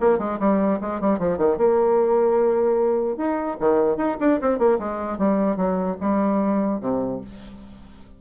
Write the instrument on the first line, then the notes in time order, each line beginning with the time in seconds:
bassoon
0.00 A#3
0.18 G#3
0.39 G3
0.81 G#3
1.00 G3
1.19 F3
1.38 D#3
1.57 A#3
3.17 D#4
3.59 D#3
3.97 D#4
4.20 D4
4.41 C4
4.58 A#3
4.79 G#3
5.18 G3
5.56 F#3
6.00 G3
6.80 C3